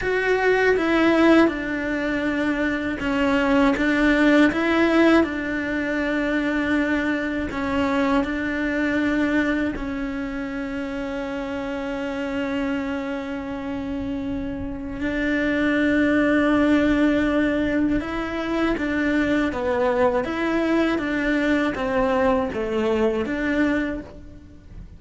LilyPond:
\new Staff \with { instrumentName = "cello" } { \time 4/4 \tempo 4 = 80 fis'4 e'4 d'2 | cis'4 d'4 e'4 d'4~ | d'2 cis'4 d'4~ | d'4 cis'2.~ |
cis'1 | d'1 | e'4 d'4 b4 e'4 | d'4 c'4 a4 d'4 | }